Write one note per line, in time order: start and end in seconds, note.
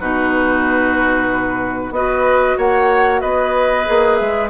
0.00 1.91 B2
0.00 1.94 D#4
0.00 1.94 F#4
0.00 1.93 B4
1.91 2.55 B3
1.91 3.86 F#4
1.91 2.57 B4
1.91 2.58 D#5
2.57 3.22 A#3
2.57 3.21 C#5
2.57 3.21 F#5
3.21 3.87 B3
3.21 4.50 B4
3.21 4.15 D#5
3.86 4.21 A#3
3.86 4.50 G#4
4.15 4.50 G#3
4.15 4.47 E5